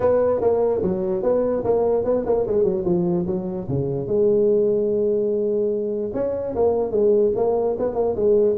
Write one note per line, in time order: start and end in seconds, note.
0.00 0.40 B3
0.40 0.81 A#3
0.82 1.22 F#3
1.22 1.63 B3
1.64 2.04 A#3
2.04 2.24 B3
2.26 2.46 A#3
2.46 2.63 G#3
2.63 2.84 F#3
2.85 3.26 F3
3.26 3.67 F#3
3.68 4.07 C#3
4.07 6.11 G#3
6.13 6.54 C#4
6.55 6.91 A#3
6.91 7.32 G#3
7.35 7.76 A#3
7.78 7.95 B3
7.95 8.15 A#3
8.15 8.56 G#3